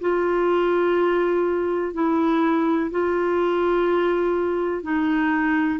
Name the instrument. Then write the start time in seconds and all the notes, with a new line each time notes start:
clarinet
0.00 F4
1.94 E4
2.91 F4
4.83 D#4